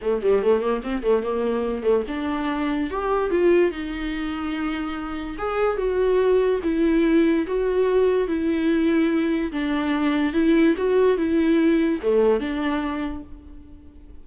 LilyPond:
\new Staff \with { instrumentName = "viola" } { \time 4/4 \tempo 4 = 145 a8 g8 a8 ais8 c'8 a8 ais4~ | ais8 a8 d'2 g'4 | f'4 dis'2.~ | dis'4 gis'4 fis'2 |
e'2 fis'2 | e'2. d'4~ | d'4 e'4 fis'4 e'4~ | e'4 a4 d'2 | }